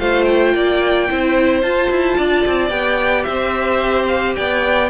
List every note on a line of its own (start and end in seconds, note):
0.00 0.54 A3
0.00 1.09 F4
0.00 0.55 C5
0.00 0.24 F5
0.24 1.61 G5
0.54 1.09 A#3
0.54 1.10 D5
1.09 1.63 C4
1.09 1.63 E4
1.09 2.18 C5
1.63 1.90 F4
1.63 2.70 F4
1.63 2.69 A5
1.90 2.18 E4
2.18 2.45 D4
2.18 3.27 D5
2.47 2.71 C4
2.69 3.25 B3
2.69 4.88 G4
2.69 3.23 G5
3.23 4.36 C4
3.23 4.36 C5
3.23 4.05 E5
4.07 4.35 F5
4.36 4.90 B3
4.36 4.90 D5
4.36 4.90 G5